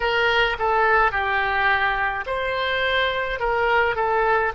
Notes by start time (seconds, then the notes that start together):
0.00 A#4
0.58 A4
1.11 G4
2.26 C5
3.40 A#4
3.95 A4